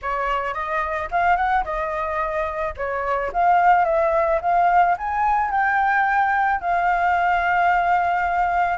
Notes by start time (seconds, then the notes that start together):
0.02 C#5
0.54 D#5
1.11 F5
1.36 F#5
1.64 D#5
2.76 C#5
3.32 F5
3.84 E5
4.41 F5
4.97 G#5
5.50 G5
6.61 F5